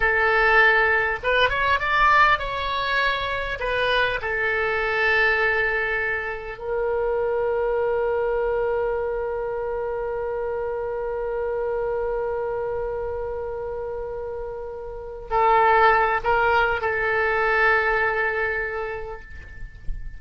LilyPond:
\new Staff \with { instrumentName = "oboe" } { \time 4/4 \tempo 4 = 100 a'2 b'8 cis''8 d''4 | cis''2 b'4 a'4~ | a'2. ais'4~ | ais'1~ |
ais'1~ | ais'1~ | ais'4. a'4. ais'4 | a'1 | }